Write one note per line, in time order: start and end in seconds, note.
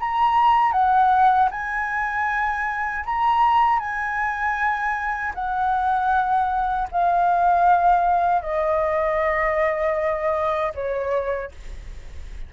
0.00 0.72 A#5
0.72 1.49 F#5
1.51 3.05 G#5
3.05 3.79 A#5
3.79 5.33 G#5
5.35 6.88 F#5
6.92 8.42 F5
8.42 10.73 D#5
10.74 11.51 C#5